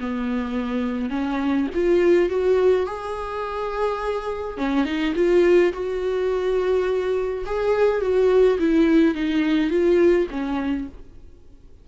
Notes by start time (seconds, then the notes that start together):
0.00 B3
1.10 C#4
1.75 F4
2.29 F#4
2.86 G#4
4.57 C#4
4.85 D#4
5.15 F4
5.73 F#4
7.46 G#4
8.01 F#4
8.59 E4
9.14 D#4
9.70 F4
10.30 C#4